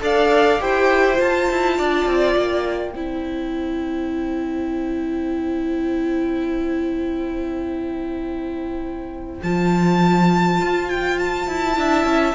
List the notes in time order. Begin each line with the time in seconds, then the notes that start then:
0.00 D4 A4 D5 F5
0.59 E4 G4 C5 G5
1.15 F4 A5
1.50 E4
1.77 D4 D5
2.06 C4
2.37 A#3 G5
2.93 C4 E4 C5
9.42 F3 F4 A5
10.61 F4
10.89 G5
11.19 A5
11.47 E4
11.74 D4 E4 E5
12.04 C#4